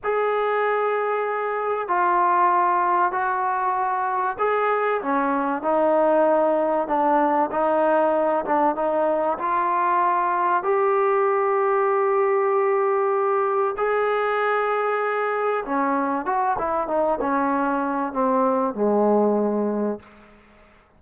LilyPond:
\new Staff \with { instrumentName = "trombone" } { \time 4/4 \tempo 4 = 96 gis'2. f'4~ | f'4 fis'2 gis'4 | cis'4 dis'2 d'4 | dis'4. d'8 dis'4 f'4~ |
f'4 g'2.~ | g'2 gis'2~ | gis'4 cis'4 fis'8 e'8 dis'8 cis'8~ | cis'4 c'4 gis2 | }